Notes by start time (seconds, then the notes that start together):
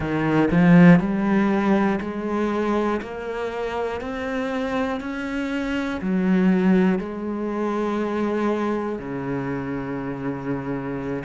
0.00 D#3
0.51 F3
1.00 G3
2.00 G#3
3.01 A#3
4.00 C4
5.00 C#4
6.01 F#3
6.99 G#3
8.98 C#3